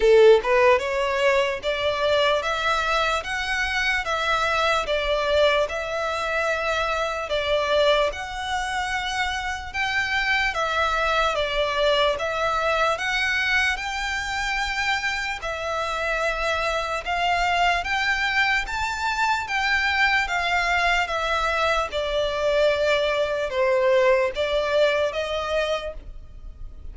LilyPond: \new Staff \with { instrumentName = "violin" } { \time 4/4 \tempo 4 = 74 a'8 b'8 cis''4 d''4 e''4 | fis''4 e''4 d''4 e''4~ | e''4 d''4 fis''2 | g''4 e''4 d''4 e''4 |
fis''4 g''2 e''4~ | e''4 f''4 g''4 a''4 | g''4 f''4 e''4 d''4~ | d''4 c''4 d''4 dis''4 | }